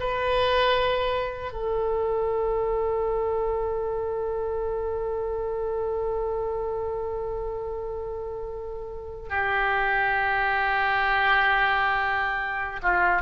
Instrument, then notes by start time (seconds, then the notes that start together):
oboe
0.00 B4
1.52 A4
9.30 G4
12.83 F4